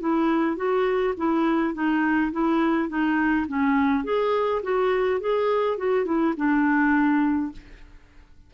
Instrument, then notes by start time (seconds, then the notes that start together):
clarinet
0.00 E4
0.56 F#4
1.17 E4
1.74 D#4
2.32 E4
2.88 D#4
3.47 C#4
4.04 G#4
4.63 F#4
5.20 G#4
5.77 F#4
6.05 E4
6.36 D4